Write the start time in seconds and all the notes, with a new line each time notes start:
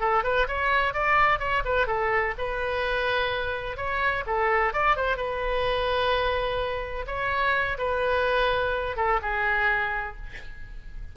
0.00 A4
0.24 B4
0.48 C#5
0.94 D5
1.39 C#5
1.65 B4
1.87 A4
2.38 B4
3.77 C#5
4.27 A4
4.74 D5
4.97 C5
5.17 B4
7.07 C#5
7.78 B4
8.97 A4
9.22 G#4